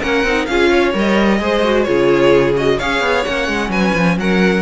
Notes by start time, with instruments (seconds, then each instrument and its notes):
0.00 cello A#3, viola C#4, violin A#4 F#5
0.23 cello C4, viola D#4
0.45 cello C#4, viola F4, violin G#4 F5
0.69 violin C#5
0.93 cello G3, viola A#4, violin D#5
1.39 cello G#3, viola G#4, violin C5
1.64 viola F#4
1.83 cello C#3, viola F4, violin G#4 C#5
2.55 viola F#4, violin D#5
2.77 cello C#4, viola G#4, violin C#5 F5
3.00 cello B3
3.24 cello A#3, viola C#4, violin F#5
3.48 cello G#3
3.69 cello F#3, violin B4 G#5
3.94 cello F3
4.17 cello F#3, violin A#4 F#5